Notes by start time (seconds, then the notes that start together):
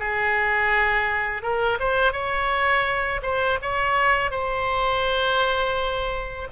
0.00 G#4
1.43 A#4
1.80 C5
2.13 C#5
3.23 C5
3.62 C#5
4.31 C5